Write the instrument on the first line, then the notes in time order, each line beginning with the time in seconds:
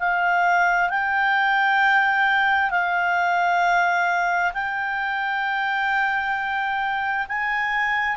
clarinet
0.00 F5
0.90 G5
2.71 F5
4.54 G5
7.29 G#5